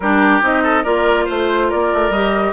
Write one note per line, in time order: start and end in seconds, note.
0.00 0.40 G3
0.00 0.41 D4
0.00 0.63 G4
0.00 0.43 A#4
0.41 0.85 C4
0.41 0.84 D#4
0.41 0.84 D#5
0.63 0.83 A4
0.83 1.28 A#3
0.83 2.12 F4
0.83 1.24 A#4
0.83 1.26 D5
1.24 1.72 A3
1.24 1.67 C5
1.24 1.70 C5
1.69 1.93 A#3
1.69 2.53 A#4
1.69 2.12 D5
1.93 2.09 A3
2.09 2.52 G3
2.09 2.53 G4
2.09 2.53 D#5